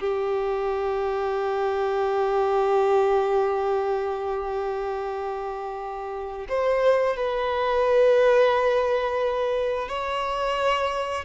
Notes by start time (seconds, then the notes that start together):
0.00 G4
6.49 C5
7.17 B4
9.89 C#5